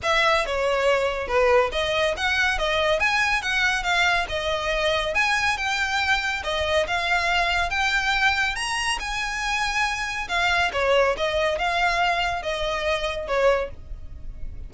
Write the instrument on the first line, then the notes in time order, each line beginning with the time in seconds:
violin
0.03 E5
0.46 C#5
1.27 B4
1.71 D#5
2.16 F#5
2.58 D#5
2.99 G#5
3.42 F#5
3.83 F5
4.29 D#5
5.14 G#5
5.57 G5
6.43 D#5
6.87 F5
7.69 G5
8.55 A#5
8.99 G#5
10.28 F5
10.73 C#5
11.17 D#5
11.58 F5
12.42 D#5
13.27 C#5